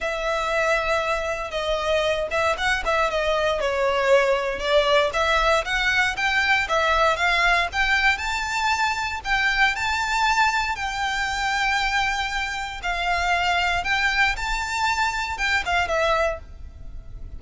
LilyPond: \new Staff \with { instrumentName = "violin" } { \time 4/4 \tempo 4 = 117 e''2. dis''4~ | dis''8 e''8 fis''8 e''8 dis''4 cis''4~ | cis''4 d''4 e''4 fis''4 | g''4 e''4 f''4 g''4 |
a''2 g''4 a''4~ | a''4 g''2.~ | g''4 f''2 g''4 | a''2 g''8 f''8 e''4 | }